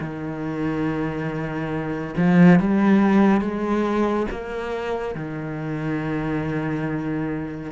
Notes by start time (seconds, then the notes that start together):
0.00 D#3
2.17 F3
2.59 G3
3.41 G#3
4.31 A#3
5.15 D#3